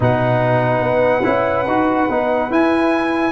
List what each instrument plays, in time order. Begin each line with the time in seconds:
0.00 tuba B2, trombone D#4, horn B4, trumpet F#5
0.82 tuba B3
1.23 tuba C#4, trombone E4
1.66 tuba D#4, trombone F#4
2.09 tuba B3, trombone D#4
2.49 trombone E4, tuba E4, trumpet G#5